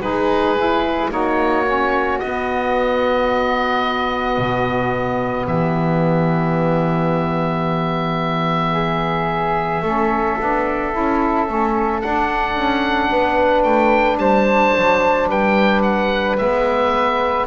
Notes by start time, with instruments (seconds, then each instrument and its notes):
0.00 double bass G#3, saxophone D#4, flute G#4, oboe B4
0.57 saxophone E4
1.10 double bass A#3, saxophone D#4, flute F#4, oboe C#5
1.66 saxophone C#4
2.19 saxophone B3, double bass B3, oboe D#5
4.38 double bass B2
5.45 double bass E3, flute G4, oboe E5
8.72 flute G#4
9.82 double bass A3, saxophone C#4, flute A4
10.39 double bass B3, saxophone D4
10.92 double bass C#4, saxophone E4
11.47 double bass A3, saxophone C#4
12.01 saxophone D4, double bass D4, oboe F#5
12.55 double bass C#4
13.10 double bass B3, flute B4
13.63 double bass A3, oboe G5
14.17 double bass G3, flute C5, oboe A5
14.77 double bass F#3
15.28 double bass G3, flute B4, oboe G5
15.82 oboe F#5
16.38 double bass G#3, saxophone B3, oboe E5